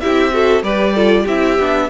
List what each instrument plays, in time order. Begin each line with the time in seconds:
0.00 cello C4, viola E4, violin G4 E5
0.31 viola F#4, violin A4
0.62 cello G3, viola G4, violin B4 D5
0.94 viola F4, violin A4
1.23 cello C4, viola E4, violin G4 E5
1.58 cello B3, viola D4